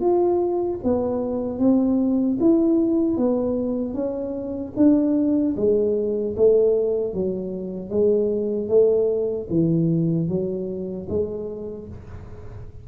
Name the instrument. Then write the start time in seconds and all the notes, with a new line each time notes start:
tuba
0.00 F4
0.83 B3
1.59 C4
2.40 E4
3.17 B3
3.94 C#4
4.76 D4
5.56 G#3
6.36 A3
7.13 F#3
7.90 G#3
8.68 A3
9.49 E3
10.28 F#3
11.09 G#3